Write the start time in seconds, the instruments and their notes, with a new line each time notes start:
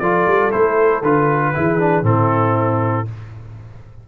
0.00 tuba F3, trombone F4, horn A4, trumpet D5
0.27 tuba G3
0.52 tuba A3, trombone E4, trumpet C5
1.02 tuba D3, trombone F4, trumpet B4
1.54 tuba E3, trombone E4, horn G#4
1.79 trombone D4
2.03 tuba A2, trombone C4, horn E4, trumpet A4